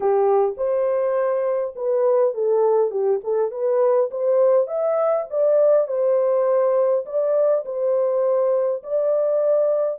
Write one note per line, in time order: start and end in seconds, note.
0.00 0.55 G4
0.57 1.75 C5
1.75 2.34 B4
2.34 2.90 A4
2.90 3.20 G4
3.23 3.51 A4
3.51 4.10 B4
4.10 4.67 C5
4.67 5.26 E5
5.29 5.87 D5
5.87 7.05 C5
7.05 7.64 D5
7.65 8.83 C5
8.83 9.99 D5